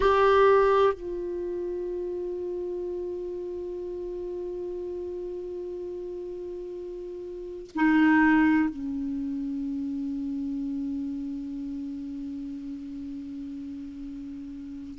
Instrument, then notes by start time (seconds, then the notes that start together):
clarinet
0.00 G4
0.93 F4
7.75 D#4
8.69 C#4